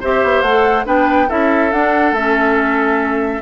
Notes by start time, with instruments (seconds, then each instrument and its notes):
0.00 bassoon C4, clarinet G4, oboe C5, flute E5
0.23 bassoon B3
0.41 bassoon A3, flute F#5
0.47 clarinet A4
0.84 bassoon B3, clarinet D4, oboe B4, flute G5
1.28 bassoon C#4, clarinet E4, oboe A4, flute E5
1.72 bassoon D4, clarinet D4, flute F#5
2.12 bassoon A3, clarinet C#4, flute E5